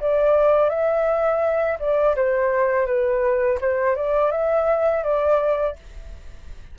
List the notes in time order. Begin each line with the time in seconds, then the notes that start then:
0.00 D5
0.69 E5
1.79 D5
2.16 C5
2.86 B4
3.60 C5
3.96 D5
4.31 E5
5.03 D5